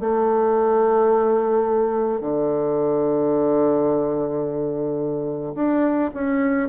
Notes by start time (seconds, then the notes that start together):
0.00 A3
2.21 D3
5.55 D4
6.14 C#4